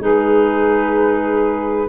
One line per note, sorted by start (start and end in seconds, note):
0.00 1.88 G#3
0.00 1.88 D#4
0.00 1.88 G#4
0.00 1.89 B4